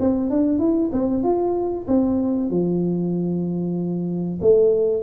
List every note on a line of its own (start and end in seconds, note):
0.00 0.30 C4
0.30 0.59 D4
0.59 0.91 E4
0.93 1.23 C4
1.23 1.87 F4
1.88 2.50 C4
2.50 4.40 F3
4.41 5.03 A3